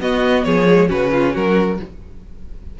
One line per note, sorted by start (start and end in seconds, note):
0.00 0.44 B3
0.00 0.67 B3
0.00 0.46 F#4
0.00 0.44 D#5
0.44 0.90 F3
0.44 0.89 G#4
0.44 0.88 C#5
0.67 0.87 G#3
0.87 1.35 C#3
0.87 1.76 C#4
0.87 1.11 F#4
0.87 1.35 B4
1.12 1.34 F4
1.34 1.80 F#3
1.34 1.78 F#4
1.34 1.80 A#4